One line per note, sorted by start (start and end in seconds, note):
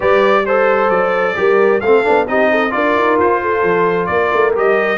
0.00 0.89 G3
0.00 0.44 G4
0.00 0.44 B4
0.00 0.46 D5
0.46 1.35 A4
0.46 0.90 C5
0.46 1.37 C5
0.89 1.35 F#3
0.89 1.80 D5
1.35 1.81 G3
1.35 1.80 G4
1.35 1.83 A#4
1.80 2.03 A3
1.80 2.03 C4
1.80 2.28 A4
1.80 2.25 F5
2.03 2.28 B3
2.03 2.26 D4
2.27 2.73 C4
2.27 2.70 D#4
2.27 2.50 G4
2.27 2.71 D#5
2.50 2.73 A4
2.70 2.95 D4
2.70 4.52 F4
2.70 3.41 A#4
2.70 3.17 D5
2.95 3.18 D#4
3.18 3.63 F4
3.18 4.06 C5
3.41 4.08 A4
3.63 4.08 F3
4.06 4.31 A#3
4.06 4.98 A#4
4.06 4.51 D5
4.33 4.55 A3
4.55 4.98 G3
4.55 4.98 G4
4.55 4.98 D#5